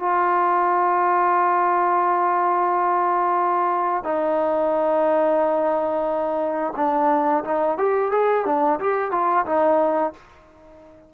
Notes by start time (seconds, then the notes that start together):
0.00 F4
4.04 D#4
6.77 D4
7.45 D#4
7.78 G4
8.12 G#4
8.46 D4
8.80 G4
9.12 F4
9.46 D#4